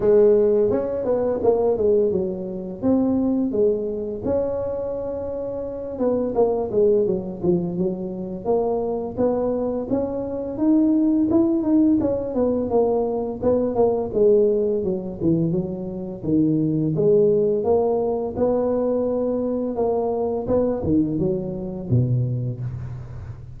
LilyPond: \new Staff \with { instrumentName = "tuba" } { \time 4/4 \tempo 4 = 85 gis4 cis'8 b8 ais8 gis8 fis4 | c'4 gis4 cis'2~ | cis'8 b8 ais8 gis8 fis8 f8 fis4 | ais4 b4 cis'4 dis'4 |
e'8 dis'8 cis'8 b8 ais4 b8 ais8 | gis4 fis8 e8 fis4 dis4 | gis4 ais4 b2 | ais4 b8 dis8 fis4 b,4 | }